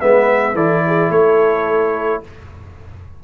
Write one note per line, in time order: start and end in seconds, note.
0.00 0.54 G#3
0.00 0.55 B3
0.00 0.55 B4
0.00 0.56 E5
0.54 1.10 E3
0.54 2.24 E4
0.54 0.83 A4
0.54 1.11 D5
0.87 1.10 G#4
1.10 2.22 A3
1.10 2.22 A4
1.10 2.23 C#5